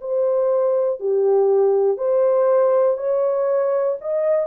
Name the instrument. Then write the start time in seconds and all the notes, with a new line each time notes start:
horn
0.00 C5
1.00 G4
1.97 C5
2.97 C#5
4.00 D#5